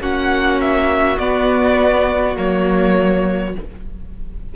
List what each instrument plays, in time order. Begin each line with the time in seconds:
0.00 cello A#3, viola C#4, violin F#4 F#5
0.61 violin E5
1.18 cello B3, viola B3, violin D5
2.35 cello F#3, viola A#3, violin C#5